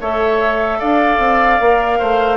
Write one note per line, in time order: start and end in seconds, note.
0.00 0.80 A3
0.00 1.61 A4
0.00 0.79 C#5
0.00 0.80 E5
0.79 1.18 D4
0.79 1.99 D5
0.79 2.37 F5
1.18 1.58 C4
1.60 2.00 A#3
1.60 2.37 A#4
1.99 2.37 A3
1.99 2.37 C5